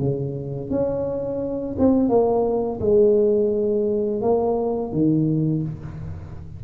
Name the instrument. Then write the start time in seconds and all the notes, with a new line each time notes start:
tuba
0.00 C#3
0.71 C#4
1.79 C4
2.10 A#3
2.80 G#3
4.22 A#3
4.93 D#3